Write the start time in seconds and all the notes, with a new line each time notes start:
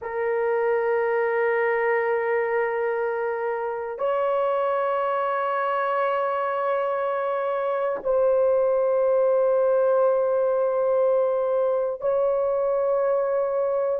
0.01 A#4
3.98 C#5
8.03 C5
12.00 C#5